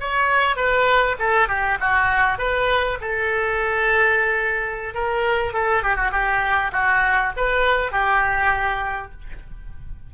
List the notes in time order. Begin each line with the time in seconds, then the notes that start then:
0.00 C#5
0.56 B4
1.19 A4
1.48 G4
1.80 F#4
2.38 B4
3.01 A4
4.94 A#4
5.53 A4
5.83 G4
5.96 F#4
6.11 G4
6.72 F#4
7.36 B4
7.92 G4